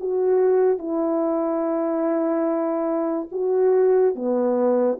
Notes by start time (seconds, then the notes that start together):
0.00 F#4
0.78 E4
3.32 F#4
4.15 B3